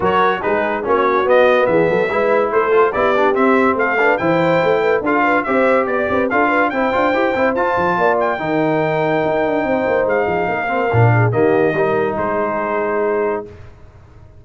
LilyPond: <<
  \new Staff \with { instrumentName = "trumpet" } { \time 4/4 \tempo 4 = 143 cis''4 b'4 cis''4 dis''4 | e''2 c''4 d''4 | e''4 f''4 g''2 | f''4 e''4 d''4 f''4 |
g''2 a''4. g''8~ | g''1 | f''2. dis''4~ | dis''4 c''2. | }
  \new Staff \with { instrumentName = "horn" } { \time 4/4 ais'4 gis'4 fis'2 | gis'8 a'8 b'4 a'4 g'4~ | g'4 a'8 b'8 c''4. b'8 | a'8 b'8 c''4 d''8 b'8 a'8 b'8 |
c''2. d''4 | ais'2. c''4~ | c''8 gis'8 ais'4. gis'8 g'4 | ais'4 gis'2. | }
  \new Staff \with { instrumentName = "trombone" } { \time 4/4 fis'4 dis'4 cis'4 b4~ | b4 e'4. f'8 e'8 d'8 | c'4. d'8 e'2 | f'4 g'2 f'4 |
e'8 f'8 g'8 e'8 f'2 | dis'1~ | dis'4. c'8 d'4 ais4 | dis'1 | }
  \new Staff \with { instrumentName = "tuba" } { \time 4/4 fis4 gis4 ais4 b4 | e8 fis8 gis4 a4 b4 | c'4 a4 e4 a4 | d'4 c'4 b8 c'8 d'4 |
c'8 d'8 e'8 c'8 f'8 f8 ais4 | dis2 dis'8 d'8 c'8 ais8 | gis8 f8 ais4 ais,4 dis4 | g4 gis2. | }
>>